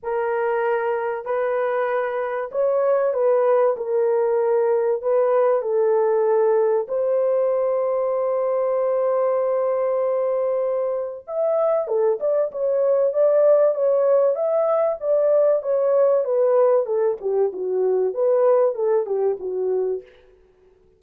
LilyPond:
\new Staff \with { instrumentName = "horn" } { \time 4/4 \tempo 4 = 96 ais'2 b'2 | cis''4 b'4 ais'2 | b'4 a'2 c''4~ | c''1~ |
c''2 e''4 a'8 d''8 | cis''4 d''4 cis''4 e''4 | d''4 cis''4 b'4 a'8 g'8 | fis'4 b'4 a'8 g'8 fis'4 | }